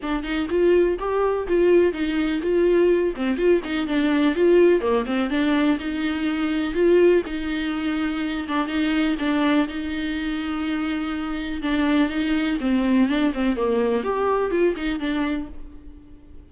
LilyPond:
\new Staff \with { instrumentName = "viola" } { \time 4/4 \tempo 4 = 124 d'8 dis'8 f'4 g'4 f'4 | dis'4 f'4. c'8 f'8 dis'8 | d'4 f'4 ais8 c'8 d'4 | dis'2 f'4 dis'4~ |
dis'4. d'8 dis'4 d'4 | dis'1 | d'4 dis'4 c'4 d'8 c'8 | ais4 g'4 f'8 dis'8 d'4 | }